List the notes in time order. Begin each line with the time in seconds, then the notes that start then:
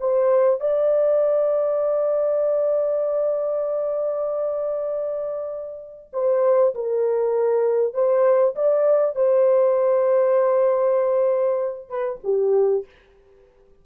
0.00 C5
0.60 D5
6.13 C5
6.75 A#4
7.94 C5
8.56 D5
9.16 C5
11.89 B4
12.24 G4